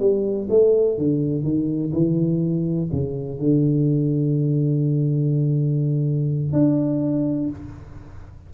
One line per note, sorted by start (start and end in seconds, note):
0.00 0.48 G3
0.50 0.98 A3
0.99 1.44 D3
1.44 1.92 D#3
1.94 2.90 E3
2.93 3.40 C#3
3.40 6.53 D3
6.53 7.50 D4